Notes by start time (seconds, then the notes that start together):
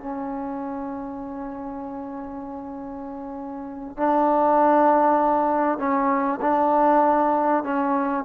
0.00 C#4
3.97 D4
5.78 C#4
6.41 D4
7.64 C#4